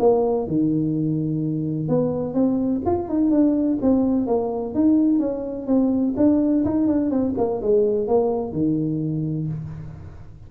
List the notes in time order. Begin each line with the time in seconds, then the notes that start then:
0.00 A#3
0.47 D#3
1.89 B3
2.34 C4
2.86 F4
3.09 D#4
3.31 D4
3.82 C4
4.27 A#3
4.75 D#4
5.19 C#4
5.67 C4
6.17 D4
6.65 D#4
6.87 D4
7.11 C4
7.38 A#3
7.62 G#3
8.08 A#3
8.53 D#3